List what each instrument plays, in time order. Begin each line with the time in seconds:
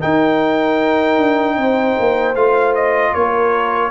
0.00 trombone D#4, tuba D#4, horn A#4, trumpet G5
1.18 tuba D4
1.57 tuba C4, horn C5
2.00 tuba A#3
2.35 tuba A3, trombone F4, trumpet F5
2.75 trumpet D#5
3.14 tuba A#3, horn A#4, trumpet C#5